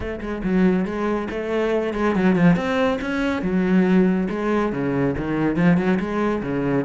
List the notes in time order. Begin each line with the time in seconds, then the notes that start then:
0.00 A3
0.20 G#3
0.43 F#3
0.85 G#3
1.30 A3
1.93 G#3
2.15 F#3
2.35 F3
2.56 C4
3.01 C#4
3.42 F#3
4.29 G#3
4.72 C#3
5.17 D#3
5.56 F3
5.77 F#3
5.99 G#3
6.42 C#3